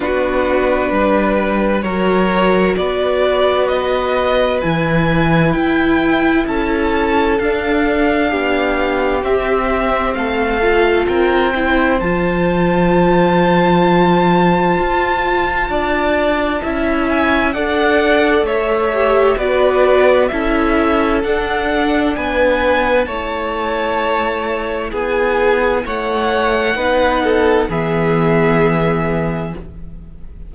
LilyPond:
<<
  \new Staff \with { instrumentName = "violin" } { \time 4/4 \tempo 4 = 65 b'2 cis''4 d''4 | dis''4 gis''4 g''4 a''4 | f''2 e''4 f''4 | g''4 a''2.~ |
a''2~ a''8 gis''8 fis''4 | e''4 d''4 e''4 fis''4 | gis''4 a''2 gis''4 | fis''2 e''2 | }
  \new Staff \with { instrumentName = "violin" } { \time 4/4 fis'4 b'4 ais'4 b'4~ | b'2. a'4~ | a'4 g'2 a'4 | ais'8 c''2.~ c''8~ |
c''4 d''4 e''4 d''4 | cis''4 b'4 a'2 | b'4 cis''2 gis'4 | cis''4 b'8 a'8 gis'2 | }
  \new Staff \with { instrumentName = "viola" } { \time 4/4 d'2 fis'2~ | fis'4 e'2. | d'2 c'4. f'8~ | f'8 e'8 f'2.~ |
f'2 e'4 a'4~ | a'8 g'8 fis'4 e'4 d'4~ | d'4 e'2.~ | e'4 dis'4 b2 | }
  \new Staff \with { instrumentName = "cello" } { \time 4/4 b4 g4 fis4 b4~ | b4 e4 e'4 cis'4 | d'4 b4 c'4 a4 | c'4 f2. |
f'4 d'4 cis'4 d'4 | a4 b4 cis'4 d'4 | b4 a2 b4 | a4 b4 e2 | }
>>